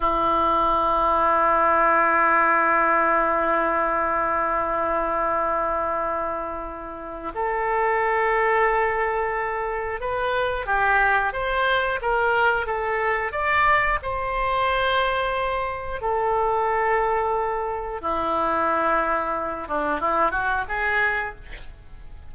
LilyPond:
\new Staff \with { instrumentName = "oboe" } { \time 4/4 \tempo 4 = 90 e'1~ | e'1~ | e'2. a'4~ | a'2. b'4 |
g'4 c''4 ais'4 a'4 | d''4 c''2. | a'2. e'4~ | e'4. d'8 e'8 fis'8 gis'4 | }